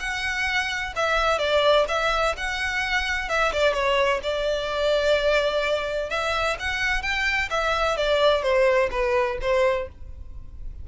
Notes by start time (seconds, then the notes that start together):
0.00 F#5
0.96 E5
1.39 D5
1.89 E5
2.37 F#5
3.29 E5
3.53 D5
3.74 C#5
4.23 D5
6.10 E5
6.60 F#5
7.02 G5
7.50 E5
7.97 D5
8.43 C5
8.91 B4
9.42 C5